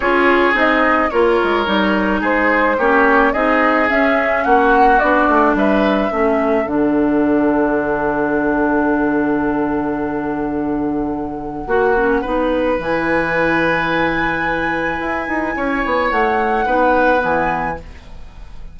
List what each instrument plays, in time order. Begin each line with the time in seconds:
0.00 bassoon C#4, clarinet F4, oboe G#4, flute C#5
0.53 bassoon C4, clarinet D#4, flute D#5
1.10 bassoon A#3, clarinet F4, oboe A#4, flute C#5
1.43 bassoon G#3
1.65 bassoon G3, clarinet D#4
2.20 bassoon G#3, oboe G#4, flute C5
2.78 bassoon A#3, clarinet C#4, oboe G4, flute C#5
3.32 bassoon C4, clarinet D#4, oboe G#4, flute D#5
3.88 clarinet C#4, bassoon C#4, flute E5
4.44 bassoon A#3, oboe F#4, flute F#5
4.99 bassoon B3, clarinet D4, flute D5
5.28 bassoon A3
5.54 bassoon G3, oboe B4, flute E5
6.10 bassoon A3, clarinet C#4, oboe A4
6.65 bassoon D3, clarinet D4, flute F#5
11.66 bassoon A#3, clarinet F#4, oboe F#4
11.96 clarinet C#4
12.21 bassoon B3, clarinet D#4, oboe B4
12.78 bassoon E3, clarinet E4, flute G#5
15.00 bassoon E4
15.28 bassoon D#4
15.56 bassoon C#4, oboe C#5
15.85 bassoon B3
16.10 bassoon A3, flute F#5
16.65 bassoon B3, clarinet D#4, oboe B4
17.18 bassoon E3, clarinet B3, flute G#5